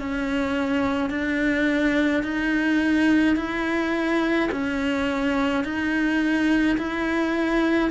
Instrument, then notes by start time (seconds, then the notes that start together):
cello
0.00 C#4
1.11 D4
2.23 D#4
3.37 E4
4.52 C#4
5.64 D#4
6.78 E4